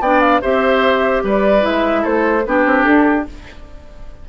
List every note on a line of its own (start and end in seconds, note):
0.00 0.41 B3
0.00 0.42 D4
0.00 0.42 D5
0.00 0.21 G5
0.21 0.41 F5
0.42 1.23 C4
0.42 1.61 G4
0.42 1.23 C5
0.42 1.23 E5
1.23 1.64 G3
1.23 2.02 B4
1.23 1.65 D5
1.61 2.04 G#3
1.61 2.42 E4
1.61 2.05 E5
2.02 2.46 A3
2.02 2.42 A4
2.02 2.46 C5
2.46 2.66 B3
2.46 3.29 D4
2.46 3.29 G4
2.46 2.83 B4
2.66 2.85 C4
2.83 3.26 D4
2.83 3.24 A4